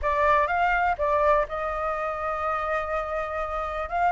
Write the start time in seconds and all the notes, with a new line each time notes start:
0.01 D5
0.47 F5
0.98 D5
1.48 D#5
3.89 F5